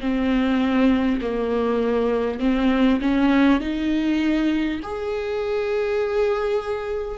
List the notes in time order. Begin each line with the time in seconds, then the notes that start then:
0.00 C4
1.21 A#3
2.39 C4
3.01 C#4
3.60 D#4
4.83 G#4